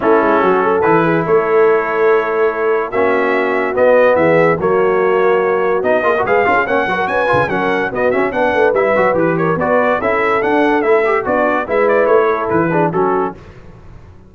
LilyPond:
<<
  \new Staff \with { instrumentName = "trumpet" } { \time 4/4 \tempo 4 = 144 a'2 b'4 cis''4~ | cis''2. e''4~ | e''4 dis''4 e''4 cis''4~ | cis''2 dis''4 f''4 |
fis''4 gis''4 fis''4 dis''8 e''8 | fis''4 e''4 b'8 cis''8 d''4 | e''4 fis''4 e''4 d''4 | e''8 d''8 cis''4 b'4 a'4 | }
  \new Staff \with { instrumentName = "horn" } { \time 4/4 e'4 fis'8 a'4 gis'8 a'4~ | a'2. fis'4~ | fis'2 gis'4 fis'4~ | fis'2~ fis'8 gis'16 ais'16 b'8 ais'16 gis'16 |
cis''8 b'16 ais'16 b'4 ais'4 fis'4 | b'2~ b'8 ais'8 b'4 | a'2. d'4 | b'4. a'4 gis'8 fis'4 | }
  \new Staff \with { instrumentName = "trombone" } { \time 4/4 cis'2 e'2~ | e'2. cis'4~ | cis'4 b2 ais4~ | ais2 dis'8 f'16 fis'16 gis'8 f'8 |
cis'8 fis'4 f'8 cis'4 b8 cis'8 | d'4 e'8 fis'8 g'4 fis'4 | e'4 d'4 e'8 g'8 fis'4 | e'2~ e'8 d'8 cis'4 | }
  \new Staff \with { instrumentName = "tuba" } { \time 4/4 a8 gis8 fis4 e4 a4~ | a2. ais4~ | ais4 b4 e4 fis4~ | fis2 b8 ais8 gis8 cis'8 |
ais8 fis8 cis'8 cis8 fis4 b8 cis'8 | b8 a8 g8 fis8 e4 b4 | cis'4 d'4 a4 b4 | gis4 a4 e4 fis4 | }
>>